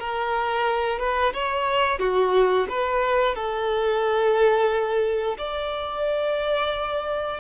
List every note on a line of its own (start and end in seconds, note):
0.00 1.00 A#4
1.00 1.33 B4
1.34 1.99 C#5
1.99 2.67 F#4
2.69 3.35 B4
3.35 5.37 A4
5.38 7.40 D5